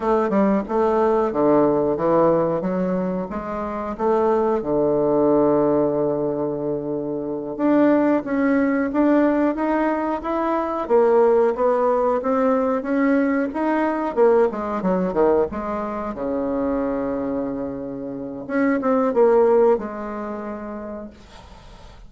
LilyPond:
\new Staff \with { instrumentName = "bassoon" } { \time 4/4 \tempo 4 = 91 a8 g8 a4 d4 e4 | fis4 gis4 a4 d4~ | d2.~ d8 d'8~ | d'8 cis'4 d'4 dis'4 e'8~ |
e'8 ais4 b4 c'4 cis'8~ | cis'8 dis'4 ais8 gis8 fis8 dis8 gis8~ | gis8 cis2.~ cis8 | cis'8 c'8 ais4 gis2 | }